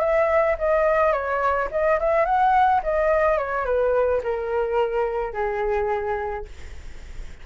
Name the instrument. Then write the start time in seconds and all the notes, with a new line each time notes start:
flute
0.00 E5
0.58 D#5
1.12 C#5
1.71 D#5
1.99 E5
2.25 F#5
2.83 D#5
3.38 C#5
3.65 B4
4.23 A#4
5.33 G#4